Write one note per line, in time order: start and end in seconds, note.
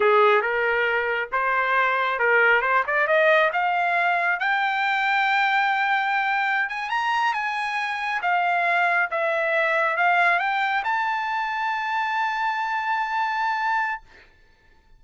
0.00 0.41 G#4
0.41 1.29 A#4
1.32 2.19 C5
2.19 2.61 A#4
2.61 2.83 C5
2.87 3.07 D5
3.07 3.50 D#5
3.52 4.39 F5
4.39 6.69 G5
6.69 6.89 G#5
6.89 7.33 A#5
7.33 8.21 G#5
8.22 9.09 F5
9.10 9.96 E5
9.96 10.39 F5
10.39 10.83 G5
10.84 14.01 A5